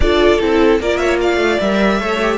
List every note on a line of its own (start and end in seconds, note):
0.00 0.37 D4
0.00 0.40 F4
0.00 0.81 A4
0.00 0.39 D5
0.39 0.80 C4
0.39 0.80 E4
0.39 0.79 A4
0.80 1.37 A#3
0.80 1.62 F4
0.80 0.99 A#4
0.80 0.97 D5
0.97 1.19 C#5
0.97 1.17 E5
1.21 1.99 D5
1.21 1.60 F5
1.37 1.57 A3
1.60 2.00 G3
1.60 1.99 A#4
1.60 2.38 E5
1.99 2.38 A3
1.99 2.19 A4
1.99 2.38 C#5
2.22 2.38 G4